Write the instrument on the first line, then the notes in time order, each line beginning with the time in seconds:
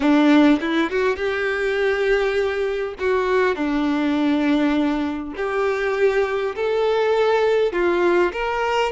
violin
0.00 D4
0.60 E4
0.90 F#4
1.16 G4
2.99 F#4
3.55 D4
5.36 G4
6.55 A4
7.72 F4
8.32 A#4